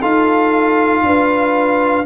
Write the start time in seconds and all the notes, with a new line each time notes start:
0.00 D#4 F4 A4 F5
1.03 D4 B4